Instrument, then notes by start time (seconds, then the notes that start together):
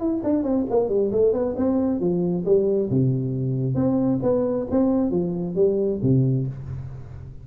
tuba
0.00 E4
0.24 D4
0.44 C4
0.70 A#3
0.89 G3
1.12 A3
1.33 B3
1.57 C4
2.01 F3
2.45 G3
2.91 C3
3.75 C4
4.23 B3
4.71 C4
5.11 F3
5.56 G3
6.03 C3